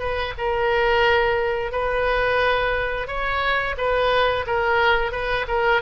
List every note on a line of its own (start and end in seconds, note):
0.00 0.34 B4
0.38 1.72 A#4
1.72 3.08 B4
3.08 3.76 C#5
3.78 4.46 B4
4.47 5.12 A#4
5.12 5.46 B4
5.48 5.82 A#4